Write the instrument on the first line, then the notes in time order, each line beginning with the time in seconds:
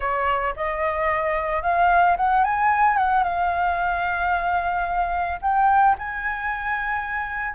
flute
0.00 C#5
0.56 D#5
1.62 F5
2.16 F#5
2.44 G#5
2.97 F#5
3.23 F5
5.41 G5
5.98 G#5